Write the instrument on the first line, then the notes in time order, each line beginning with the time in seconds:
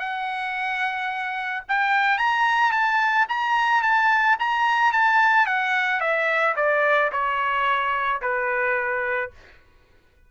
trumpet
0.00 F#5
1.69 G5
2.18 A#5
2.72 A5
3.29 A#5
3.83 A5
4.40 A#5
4.93 A5
5.47 F#5
6.01 E5
6.57 D5
7.13 C#5
8.22 B4